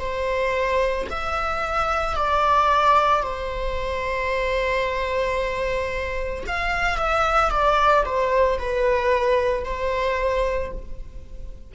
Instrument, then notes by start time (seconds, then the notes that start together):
viola
0.00 C5
1.11 E5
2.16 D5
3.23 C5
6.47 F5
6.98 E5
7.50 D5
8.06 C5
8.59 B4
9.65 C5